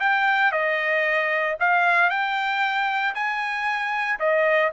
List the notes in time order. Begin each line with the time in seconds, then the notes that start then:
0.00 G5
0.52 D#5
1.60 F5
2.10 G5
3.15 G#5
4.20 D#5